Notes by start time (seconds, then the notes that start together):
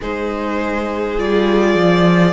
0.00 G#3 D#4 G#4 C5
1.17 G3 F4 D5
1.75 F3